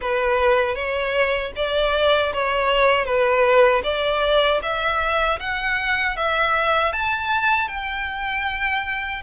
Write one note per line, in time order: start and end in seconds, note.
0.01 0.75 B4
0.75 1.52 C#5
1.56 2.33 D5
2.33 3.05 C#5
3.05 3.81 B4
3.83 4.60 D5
4.62 5.39 E5
5.39 6.16 F#5
6.16 6.92 E5
6.92 7.68 A5
7.68 9.22 G5